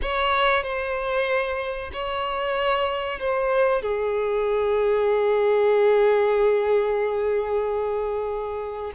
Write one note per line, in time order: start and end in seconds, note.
0.02 0.63 C#5
0.63 1.91 C5
1.92 3.19 C#5
3.19 3.82 C5
3.82 8.92 G#4